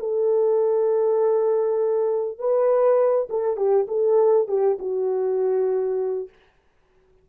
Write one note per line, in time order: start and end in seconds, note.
0.00 2.39 A4
2.39 3.29 B4
3.30 3.57 A4
3.57 3.87 G4
3.88 4.48 A4
4.48 4.78 G4
4.79 6.29 F#4